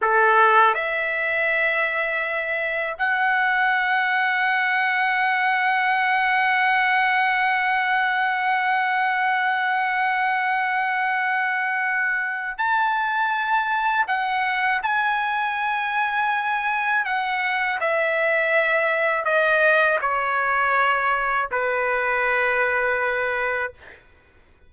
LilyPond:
\new Staff \with { instrumentName = "trumpet" } { \time 4/4 \tempo 4 = 81 a'4 e''2. | fis''1~ | fis''1~ | fis''1~ |
fis''4 a''2 fis''4 | gis''2. fis''4 | e''2 dis''4 cis''4~ | cis''4 b'2. | }